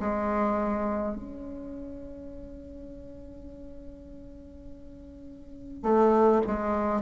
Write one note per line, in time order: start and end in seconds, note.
0.00 1.16 G#3
1.16 5.83 C#4
5.83 6.42 A3
6.47 7.02 G#3